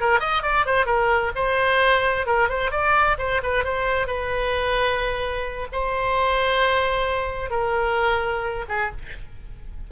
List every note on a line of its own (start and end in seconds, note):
0.00 0.20 A#4
0.20 0.42 D#5
0.42 0.65 D5
0.66 0.86 C5
0.86 1.31 A#4
1.35 2.26 C5
2.26 2.49 A#4
2.49 2.71 C5
2.71 3.17 D5
3.18 3.41 C5
3.43 3.64 B4
3.64 4.07 C5
4.07 5.67 B4
5.72 7.50 C5
7.50 8.65 A#4
8.68 8.91 G#4